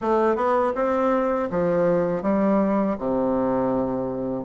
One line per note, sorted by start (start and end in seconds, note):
0.01 0.35 A3
0.35 0.72 B3
0.75 1.49 C4
1.50 2.22 F3
2.22 2.96 G3
2.98 4.44 C3